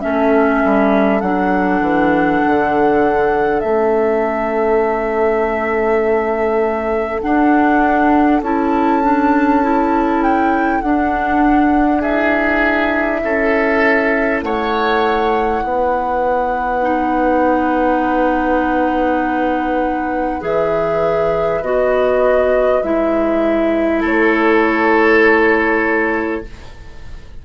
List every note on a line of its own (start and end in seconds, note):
0.00 0.64 A3
0.00 1.20 C#4
0.00 12.00 A4
0.00 1.20 E5
0.64 1.22 G3
1.20 1.80 F#3
1.20 3.62 D4
1.20 3.60 F#5
1.80 2.40 E3
2.46 3.63 D3
3.60 7.23 A3
3.60 7.21 C#4
3.60 7.20 E5
7.21 8.42 D4
7.21 8.41 D4
7.21 8.41 F#5
8.41 10.81 C#4
8.41 9.03 E4
8.41 10.22 A5
9.03 9.62 D4
9.62 10.82 E4
10.22 10.81 G5
10.81 13.22 D4
10.81 12.03 D4
10.81 12.01 F#5
12.00 16.82 E4
12.00 13.20 G#4
12.00 14.41 E5
13.23 14.42 C#4
13.23 14.44 A4
14.42 15.62 A3
14.42 15.63 C#5
14.42 20.42 F#5
15.62 20.41 B3
15.62 24.00 B4
16.82 20.40 D#4
20.40 21.61 E3
20.40 21.60 G#4
20.40 21.63 E5
21.61 22.81 B3
21.61 22.83 F#4
21.61 22.82 D#5
22.82 24.03 G#3
22.82 26.43 E4
22.82 24.02 E5
24.00 26.43 A3
24.00 26.41 A4
24.00 26.45 C#5